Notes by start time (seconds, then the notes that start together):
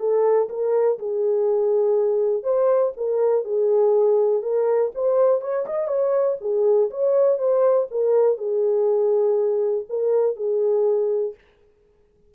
0.00 A4
0.49 A#4
0.99 G#4
2.43 C5
2.97 A#4
3.44 G#4
4.43 A#4
4.95 C5
5.41 C#5
5.66 D#5
5.88 C#5
6.41 G#4
6.91 C#5
7.38 C5
7.91 A#4
8.38 G#4
9.89 A#4
10.36 G#4